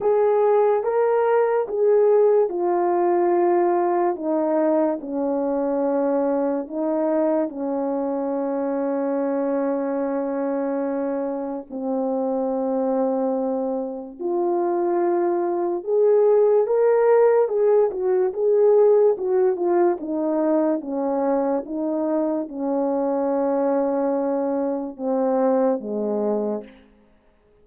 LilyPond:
\new Staff \with { instrumentName = "horn" } { \time 4/4 \tempo 4 = 72 gis'4 ais'4 gis'4 f'4~ | f'4 dis'4 cis'2 | dis'4 cis'2.~ | cis'2 c'2~ |
c'4 f'2 gis'4 | ais'4 gis'8 fis'8 gis'4 fis'8 f'8 | dis'4 cis'4 dis'4 cis'4~ | cis'2 c'4 gis4 | }